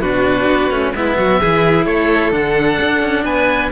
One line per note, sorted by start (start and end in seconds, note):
0.00 0.46 B2
0.00 0.71 D4
0.00 0.93 F#4
0.00 0.93 B4
0.47 0.69 B3
0.69 0.92 A3
0.69 0.94 C#4
0.93 1.17 G#3
0.93 1.41 B3
0.93 1.17 E4
0.93 1.85 E5
1.17 1.40 F#3
1.17 1.40 F#4
1.40 1.85 E3
1.40 2.31 E4
1.40 1.85 G#4
1.85 2.31 A3
1.85 3.24 A4
1.85 2.31 C#5
2.31 2.78 D3
2.31 3.70 D4
2.31 3.24 F#5
2.80 3.01 D4
3.01 3.24 C#4
3.24 3.70 B3
3.24 3.70 B4
3.24 3.70 G#5